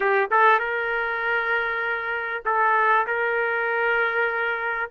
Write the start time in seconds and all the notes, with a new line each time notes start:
0.00 G4
0.31 A4
0.59 A#4
2.45 A4
3.06 A#4